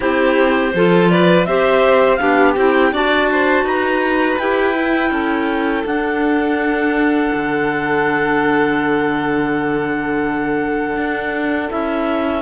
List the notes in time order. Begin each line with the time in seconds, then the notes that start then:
0.00 C4 E4 G4 C5
0.74 F3 F4 A4
1.10 B4 D5
1.45 C4 G4 C5 E5
2.15 B3 D4 G4 F5
2.55 C4 E4 G5
2.92 D4 F#4 D5 A5
3.31 C5
3.63 D#4 B4 A#5
4.38 E4 G4 G5
4.74 E4
5.10 C#4 A4
5.85 D4 F#5
7.34 D3
10.96 D4
11.69 C#4 E4 E5